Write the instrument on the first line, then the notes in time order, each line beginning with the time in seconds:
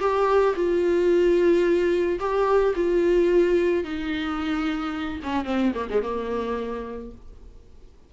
viola
0.00 G4
0.55 F4
2.19 G4
2.75 F4
3.84 D#4
5.23 C#4
5.45 C4
5.74 A#3
5.90 G#3
6.02 A#3